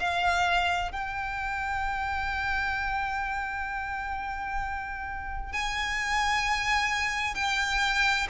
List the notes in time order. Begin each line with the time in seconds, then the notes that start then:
0.00 F5
0.92 G5
5.53 G#5
7.35 G5